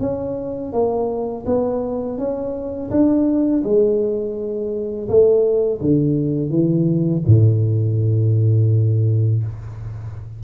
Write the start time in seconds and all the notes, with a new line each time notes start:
0.00 C#4
0.73 A#3
1.46 B3
2.18 C#4
2.90 D4
3.63 G#3
5.08 A3
5.81 D3
6.50 E3
7.26 A2